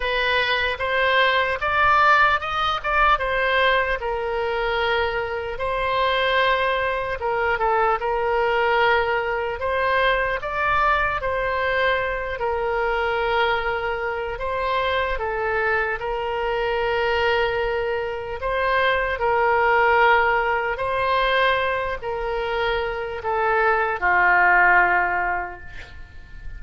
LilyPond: \new Staff \with { instrumentName = "oboe" } { \time 4/4 \tempo 4 = 75 b'4 c''4 d''4 dis''8 d''8 | c''4 ais'2 c''4~ | c''4 ais'8 a'8 ais'2 | c''4 d''4 c''4. ais'8~ |
ais'2 c''4 a'4 | ais'2. c''4 | ais'2 c''4. ais'8~ | ais'4 a'4 f'2 | }